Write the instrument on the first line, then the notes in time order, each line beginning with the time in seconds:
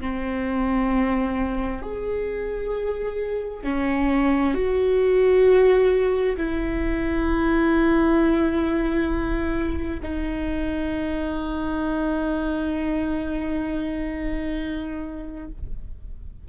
viola
0.00 C4
1.82 G#4
3.63 C#4
4.54 F#4
6.36 E4
10.02 D#4